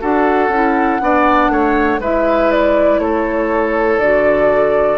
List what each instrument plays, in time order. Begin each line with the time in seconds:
0.00 bassoon D4, clarinet F#4, oboe A4, flute F#5
0.48 bassoon C#4, clarinet E4
1.00 bassoon B3, clarinet D4, oboe D5
1.49 bassoon A3, oboe C#5
1.99 bassoon G#3, clarinet E4, oboe B4, flute E5
2.51 flute D5
2.98 bassoon A3, oboe A4, flute C#5
3.98 bassoon D3, clarinet F#4, flute D5